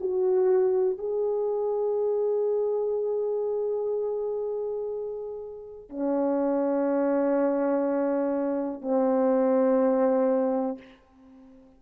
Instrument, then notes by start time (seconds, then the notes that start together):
horn
0.00 F#4
0.98 G#4
5.89 C#4
8.81 C4